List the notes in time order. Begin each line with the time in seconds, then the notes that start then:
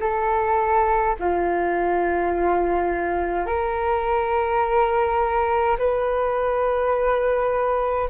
0.00 A4
1.19 F4
3.46 A#4
5.78 B4